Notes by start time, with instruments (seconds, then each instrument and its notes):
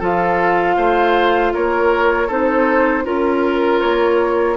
0.00 bassoon F3, clarinet F4, oboe A4, flute F5
0.77 bassoon A3, oboe C5
1.54 bassoon A#3, oboe A#4, flute C#5
2.28 bassoon C4, clarinet D#4, oboe A4, flute C5
3.04 bassoon C#4, clarinet F4, flute A#4, oboe A#4
3.81 bassoon A#3, flute C#5